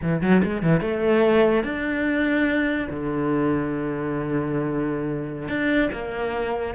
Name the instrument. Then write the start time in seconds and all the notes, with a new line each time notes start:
cello
0.02 E3
0.21 F#3
0.43 G#3
0.62 E3
0.81 A3
1.63 D4
2.89 D3
5.48 D4
5.92 A#3